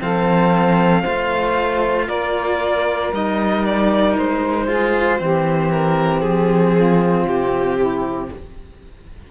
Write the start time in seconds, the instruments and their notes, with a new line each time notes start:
0.00 cello F3 C4, saxophone A4, violin F5
1.02 cello A3 F4, saxophone C5
2.07 cello A#3, saxophone A#4, violin D5
3.12 cello G3 D#4, violin D#5
3.65 violin D5
4.17 cello G#3, violin C5
4.67 cello F4, saxophone G#4
5.18 cello E3 C4, saxophone G4
5.71 violin A#4
6.21 cello F3, violin G#4
6.74 saxophone F4
7.25 cello C3, violin G4
7.78 saxophone E4